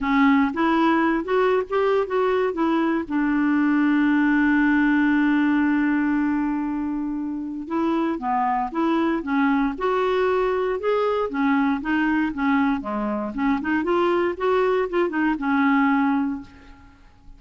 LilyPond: \new Staff \with { instrumentName = "clarinet" } { \time 4/4 \tempo 4 = 117 cis'4 e'4. fis'8. g'8. | fis'4 e'4 d'2~ | d'1~ | d'2. e'4 |
b4 e'4 cis'4 fis'4~ | fis'4 gis'4 cis'4 dis'4 | cis'4 gis4 cis'8 dis'8 f'4 | fis'4 f'8 dis'8 cis'2 | }